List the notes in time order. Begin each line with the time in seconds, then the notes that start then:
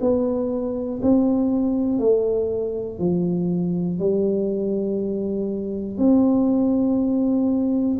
0.00 B3
1.02 C4
1.99 A3
2.99 F3
3.99 G3
5.98 C4